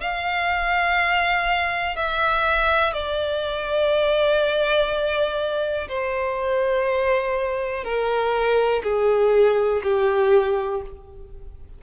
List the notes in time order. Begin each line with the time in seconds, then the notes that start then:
0.00 F5
1.95 E5
2.92 D5
5.88 C5
7.84 A#4
8.83 G#4
9.83 G4